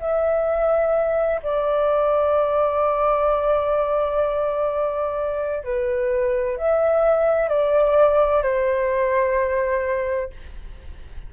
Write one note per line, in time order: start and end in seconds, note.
0.00 1.41 E5
1.42 5.63 D5
5.63 6.57 B4
6.58 7.49 E5
7.49 8.42 D5
8.42 10.30 C5